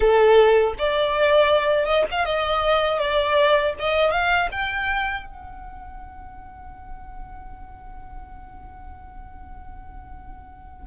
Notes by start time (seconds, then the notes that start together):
0.00 A4
0.78 D5
1.85 D#5
2.11 F5
2.25 D#5
2.99 D5
3.79 D#5
4.11 F5
4.51 G5
5.25 F#5